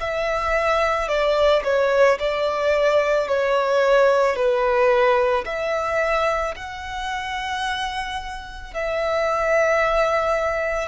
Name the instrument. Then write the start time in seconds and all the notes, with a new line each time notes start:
violin
0.00 E5
1.08 D5
1.64 C#5
2.20 D5
3.28 C#5
4.36 B4
5.45 E5
6.56 F#5
8.74 E5